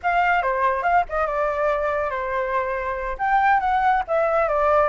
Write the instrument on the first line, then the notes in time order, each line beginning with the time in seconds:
flute
0.03 F5
0.42 C5
0.82 F5
1.09 D#5
1.26 D5
2.10 C5
3.18 G5
3.60 F#5
4.07 E5
4.48 D5